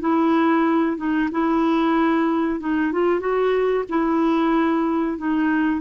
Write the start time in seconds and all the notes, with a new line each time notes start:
0.00 E4
0.97 D#4
1.31 E4
2.60 D#4
2.92 F4
3.19 F#4
3.89 E4
5.18 D#4